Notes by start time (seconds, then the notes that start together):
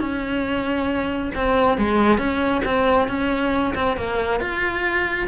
0.00 C#4
1.35 C4
1.78 G#3
2.18 C#4
2.65 C4
3.08 C#4
3.75 C4
3.97 A#3
4.40 F4